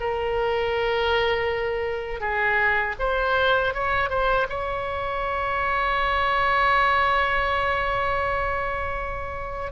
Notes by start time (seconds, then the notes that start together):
0.00 A#4
2.21 G#4
2.99 C5
3.74 C#5
4.10 C5
4.50 C#5